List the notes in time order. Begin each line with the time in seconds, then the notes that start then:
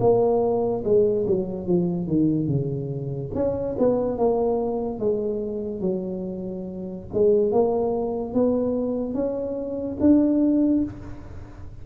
0.00 A#3
0.84 G#3
1.27 F#3
1.67 F3
2.07 D#3
2.47 C#3
3.35 C#4
3.79 B3
4.18 A#3
5.00 G#3
5.81 F#3
7.14 G#3
7.52 A#3
8.34 B3
9.14 C#4
10.00 D4